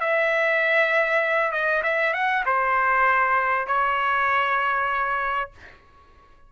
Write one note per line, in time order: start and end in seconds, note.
0.00 1.52 E5
1.52 1.82 D#5
1.83 2.13 E5
2.13 2.44 F#5
2.46 3.67 C5
3.67 5.50 C#5